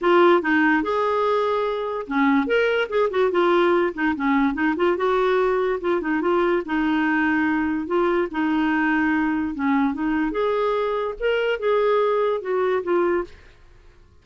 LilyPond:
\new Staff \with { instrumentName = "clarinet" } { \time 4/4 \tempo 4 = 145 f'4 dis'4 gis'2~ | gis'4 cis'4 ais'4 gis'8 fis'8 | f'4. dis'8 cis'4 dis'8 f'8 | fis'2 f'8 dis'8 f'4 |
dis'2. f'4 | dis'2. cis'4 | dis'4 gis'2 ais'4 | gis'2 fis'4 f'4 | }